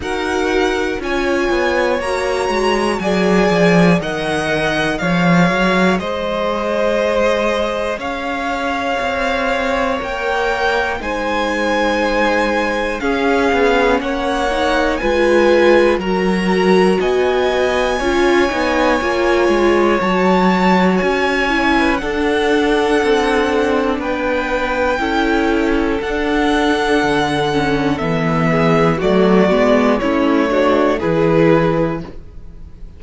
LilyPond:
<<
  \new Staff \with { instrumentName = "violin" } { \time 4/4 \tempo 4 = 60 fis''4 gis''4 ais''4 gis''4 | fis''4 f''4 dis''2 | f''2 g''4 gis''4~ | gis''4 f''4 fis''4 gis''4 |
ais''4 gis''2. | a''4 gis''4 fis''2 | g''2 fis''2 | e''4 d''4 cis''4 b'4 | }
  \new Staff \with { instrumentName = "violin" } { \time 4/4 ais'4 cis''2 d''4 | dis''4 cis''4 c''2 | cis''2. c''4~ | c''4 gis'4 cis''4 b'4 |
ais'4 dis''4 cis''2~ | cis''4.~ cis''16 b'16 a'2 | b'4 a'2.~ | a'8 gis'8 fis'4 e'8 fis'8 gis'4 | }
  \new Staff \with { instrumentName = "viola" } { \time 4/4 fis'4 f'4 fis'4 gis'4 | ais'4 gis'2.~ | gis'2 ais'4 dis'4~ | dis'4 cis'4. dis'8 f'4 |
fis'2 f'8 dis'8 f'4 | fis'4. e'8 d'2~ | d'4 e'4 d'4. cis'8 | b4 a8 b8 cis'8 d'8 e'4 | }
  \new Staff \with { instrumentName = "cello" } { \time 4/4 dis'4 cis'8 b8 ais8 gis8 fis8 f8 | dis4 f8 fis8 gis2 | cis'4 c'4 ais4 gis4~ | gis4 cis'8 b8 ais4 gis4 |
fis4 b4 cis'8 b8 ais8 gis8 | fis4 cis'4 d'4 c'4 | b4 cis'4 d'4 d4 | e4 fis8 gis8 a4 e4 | }
>>